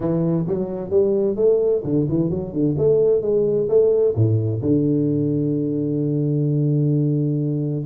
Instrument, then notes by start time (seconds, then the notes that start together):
tuba
0.00 E3
0.47 F#3
0.90 G3
1.36 A3
1.84 D3
2.08 E3
2.30 F#3
2.52 D3
2.78 A3
3.21 G#3
3.68 A3
4.15 A2
4.61 D3